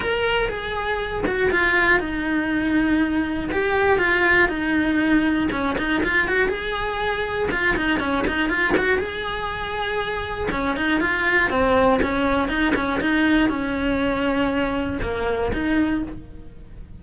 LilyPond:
\new Staff \with { instrumentName = "cello" } { \time 4/4 \tempo 4 = 120 ais'4 gis'4. fis'8 f'4 | dis'2. g'4 | f'4 dis'2 cis'8 dis'8 | f'8 fis'8 gis'2 f'8 dis'8 |
cis'8 dis'8 f'8 fis'8 gis'2~ | gis'4 cis'8 dis'8 f'4 c'4 | cis'4 dis'8 cis'8 dis'4 cis'4~ | cis'2 ais4 dis'4 | }